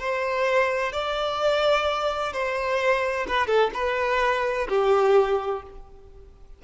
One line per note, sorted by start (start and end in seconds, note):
0.00 0.92 C5
0.92 2.33 D5
2.33 3.26 C5
3.28 3.47 B4
3.47 3.70 A4
3.74 4.67 B4
4.69 5.62 G4